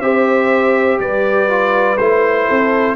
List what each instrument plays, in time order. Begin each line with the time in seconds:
0.00 tuba C4, trombone G4, horn C5, trumpet E5
1.00 tuba G3, horn B4, trumpet D5
1.49 trombone F4
1.98 tuba A3, trombone E4, trumpet C5
2.48 tuba C4, horn A4